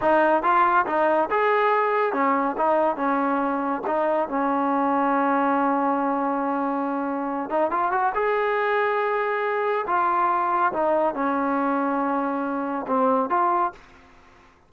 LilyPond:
\new Staff \with { instrumentName = "trombone" } { \time 4/4 \tempo 4 = 140 dis'4 f'4 dis'4 gis'4~ | gis'4 cis'4 dis'4 cis'4~ | cis'4 dis'4 cis'2~ | cis'1~ |
cis'4. dis'8 f'8 fis'8 gis'4~ | gis'2. f'4~ | f'4 dis'4 cis'2~ | cis'2 c'4 f'4 | }